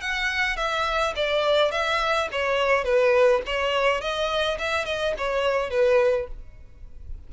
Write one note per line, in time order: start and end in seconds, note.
0.00 0.56 F#5
0.56 1.13 E5
1.15 1.71 D5
1.71 2.28 E5
2.31 2.84 C#5
2.84 3.41 B4
3.46 4.01 C#5
4.01 4.58 D#5
4.58 4.85 E5
4.85 5.14 D#5
5.17 5.70 C#5
5.70 6.27 B4